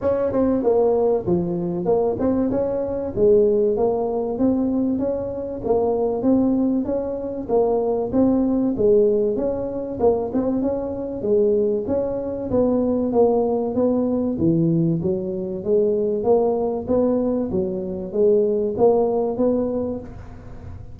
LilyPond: \new Staff \with { instrumentName = "tuba" } { \time 4/4 \tempo 4 = 96 cis'8 c'8 ais4 f4 ais8 c'8 | cis'4 gis4 ais4 c'4 | cis'4 ais4 c'4 cis'4 | ais4 c'4 gis4 cis'4 |
ais8 c'8 cis'4 gis4 cis'4 | b4 ais4 b4 e4 | fis4 gis4 ais4 b4 | fis4 gis4 ais4 b4 | }